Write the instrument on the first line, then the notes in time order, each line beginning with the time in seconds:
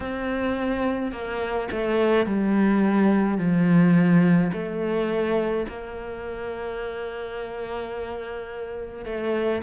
cello
0.00 C4
1.12 A#3
1.71 A3
2.25 G3
3.38 F3
4.53 A3
5.68 A#3
9.05 A3